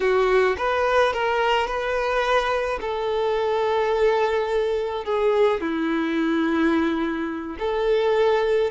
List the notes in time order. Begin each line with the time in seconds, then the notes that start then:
0.00 F#4
0.57 B4
1.13 A#4
1.67 B4
2.80 A4
5.05 G#4
5.60 E4
7.59 A4